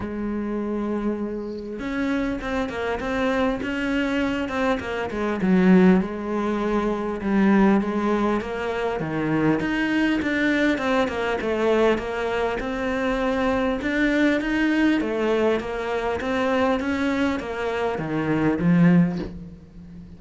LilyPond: \new Staff \with { instrumentName = "cello" } { \time 4/4 \tempo 4 = 100 gis2. cis'4 | c'8 ais8 c'4 cis'4. c'8 | ais8 gis8 fis4 gis2 | g4 gis4 ais4 dis4 |
dis'4 d'4 c'8 ais8 a4 | ais4 c'2 d'4 | dis'4 a4 ais4 c'4 | cis'4 ais4 dis4 f4 | }